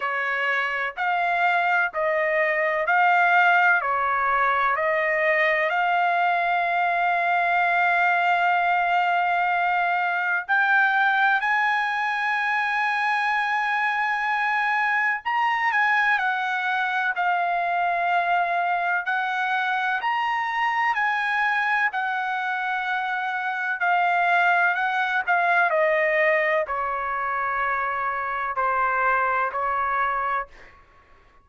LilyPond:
\new Staff \with { instrumentName = "trumpet" } { \time 4/4 \tempo 4 = 63 cis''4 f''4 dis''4 f''4 | cis''4 dis''4 f''2~ | f''2. g''4 | gis''1 |
ais''8 gis''8 fis''4 f''2 | fis''4 ais''4 gis''4 fis''4~ | fis''4 f''4 fis''8 f''8 dis''4 | cis''2 c''4 cis''4 | }